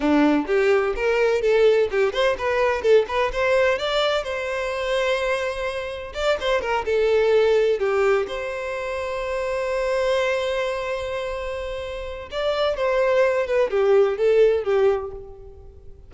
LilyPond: \new Staff \with { instrumentName = "violin" } { \time 4/4 \tempo 4 = 127 d'4 g'4 ais'4 a'4 | g'8 c''8 b'4 a'8 b'8 c''4 | d''4 c''2.~ | c''4 d''8 c''8 ais'8 a'4.~ |
a'8 g'4 c''2~ c''8~ | c''1~ | c''2 d''4 c''4~ | c''8 b'8 g'4 a'4 g'4 | }